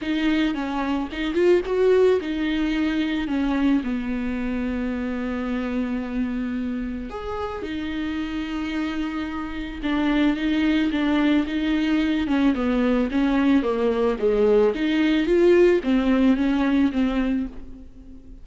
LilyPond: \new Staff \with { instrumentName = "viola" } { \time 4/4 \tempo 4 = 110 dis'4 cis'4 dis'8 f'8 fis'4 | dis'2 cis'4 b4~ | b1~ | b4 gis'4 dis'2~ |
dis'2 d'4 dis'4 | d'4 dis'4. cis'8 b4 | cis'4 ais4 gis4 dis'4 | f'4 c'4 cis'4 c'4 | }